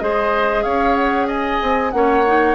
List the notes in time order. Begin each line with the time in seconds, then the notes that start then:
0.00 G#3 G#4 C5 D#5
0.64 C#4 C#5 F5
0.95 F#5
1.28 D#5 G#5
1.62 C4
1.92 A#3 C#4 C#5 F#5
2.27 D#4